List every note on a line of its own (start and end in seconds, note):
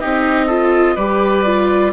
0.00 0.97 C4
0.00 0.49 D#4
0.00 0.47 G4
0.00 0.96 D#5
0.47 0.98 F4
0.47 0.95 A4
0.96 1.93 G3
0.96 1.46 G4
0.96 1.92 B4
0.96 1.93 D5
1.46 1.93 F4